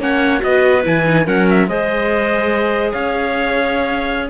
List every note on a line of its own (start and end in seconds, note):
0.00 0.42 A#3
0.00 0.40 C#4
0.00 0.43 C#5
0.00 0.43 F#5
0.40 0.86 B3
0.40 0.82 F#4
0.40 0.85 D#5
0.46 1.25 B4
0.84 1.28 E3
0.84 1.05 E4
0.84 1.28 G#5
1.05 1.26 D#4
1.25 1.68 F#3
1.25 1.68 C#4
1.25 1.67 A#4
1.25 1.49 F#5
1.50 1.69 E5
1.68 2.94 G#3
1.68 4.30 G#4
1.68 2.94 C5
1.68 2.93 D#5
2.93 4.30 C#4
2.93 4.30 C#5
2.93 4.30 F5